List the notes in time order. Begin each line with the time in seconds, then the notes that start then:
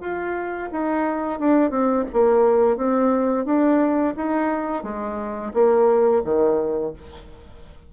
0.00 F4
0.71 D#4
1.39 D4
1.71 C4
2.13 A#3
2.77 C4
3.45 D4
4.17 D#4
4.83 G#3
5.53 A#3
6.24 D#3